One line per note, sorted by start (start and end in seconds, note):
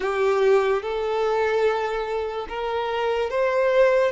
0.00 0.82 G4
0.82 2.47 A4
2.48 3.30 A#4
3.30 4.11 C5